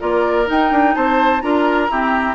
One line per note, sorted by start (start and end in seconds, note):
0.00 0.49 A#3
0.00 0.46 F4
0.00 0.95 A#4
0.00 0.48 D5
0.46 1.41 D#4
0.46 0.71 D#4
0.46 0.95 G5
0.71 0.95 D4
0.95 1.43 C4
0.95 1.43 C5
0.95 1.42 A5
1.42 1.90 D4
1.42 1.89 F4
1.42 1.91 A#4
1.42 2.36 A#5
1.90 2.36 C4
1.90 2.36 E4
1.90 2.36 G4